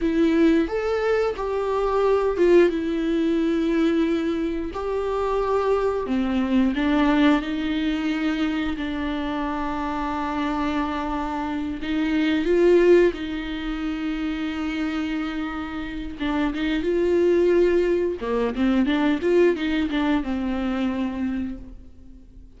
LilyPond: \new Staff \with { instrumentName = "viola" } { \time 4/4 \tempo 4 = 89 e'4 a'4 g'4. f'8 | e'2. g'4~ | g'4 c'4 d'4 dis'4~ | dis'4 d'2.~ |
d'4. dis'4 f'4 dis'8~ | dis'1 | d'8 dis'8 f'2 ais8 c'8 | d'8 f'8 dis'8 d'8 c'2 | }